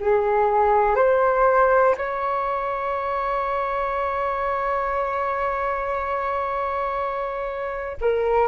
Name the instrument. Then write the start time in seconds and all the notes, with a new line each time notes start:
flute
0.00 G#4
0.95 C5
1.97 C#5
8.00 A#4